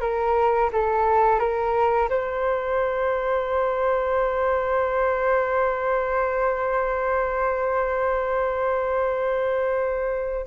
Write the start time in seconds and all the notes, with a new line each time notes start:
0.00 A#4
0.72 A4
1.39 A#4
2.09 C5